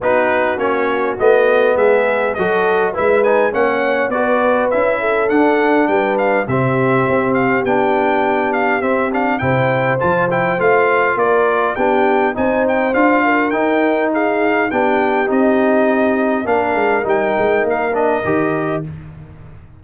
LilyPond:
<<
  \new Staff \with { instrumentName = "trumpet" } { \time 4/4 \tempo 4 = 102 b'4 cis''4 dis''4 e''4 | dis''4 e''8 gis''8 fis''4 d''4 | e''4 fis''4 g''8 f''8 e''4~ | e''8 f''8 g''4. f''8 e''8 f''8 |
g''4 a''8 g''8 f''4 d''4 | g''4 gis''8 g''8 f''4 g''4 | f''4 g''4 dis''2 | f''4 g''4 f''8 dis''4. | }
  \new Staff \with { instrumentName = "horn" } { \time 4/4 fis'2. gis'4 | a'4 b'4 cis''4 b'4~ | b'8 a'4. b'4 g'4~ | g'1 |
c''2. ais'4 | g'4 c''4. ais'4. | gis'4 g'2. | ais'1 | }
  \new Staff \with { instrumentName = "trombone" } { \time 4/4 dis'4 cis'4 b2 | fis'4 e'8 dis'8 cis'4 fis'4 | e'4 d'2 c'4~ | c'4 d'2 c'8 d'8 |
e'4 f'8 e'8 f'2 | d'4 dis'4 f'4 dis'4~ | dis'4 d'4 dis'2 | d'4 dis'4. d'8 g'4 | }
  \new Staff \with { instrumentName = "tuba" } { \time 4/4 b4 ais4 a4 gis4 | fis4 gis4 ais4 b4 | cis'4 d'4 g4 c4 | c'4 b2 c'4 |
c4 f4 a4 ais4 | b4 c'4 d'4 dis'4~ | dis'4 b4 c'2 | ais8 gis8 g8 gis8 ais4 dis4 | }
>>